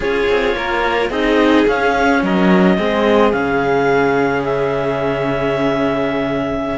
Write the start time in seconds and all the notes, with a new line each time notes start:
0.00 C#4 F4 G#4 C#5
0.28 C4
0.54 A#3 A#4
1.09 C4 D#4 G#4 D#5
1.67 C#4 F5
2.22 F#3 A#4 D#5
2.77 G#3 C4 G#4
3.32 C#3 C#4 F5
4.44 E5